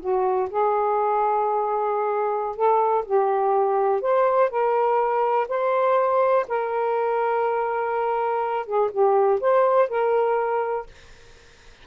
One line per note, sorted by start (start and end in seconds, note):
0.00 0.49 F#4
0.50 2.56 G#4
2.56 3.05 A4
3.05 4.01 G4
4.01 4.50 C5
4.50 5.47 A#4
5.49 6.46 C5
6.48 8.66 A#4
8.66 8.90 G#4
8.91 9.40 G4
9.41 9.89 C5
9.89 10.86 A#4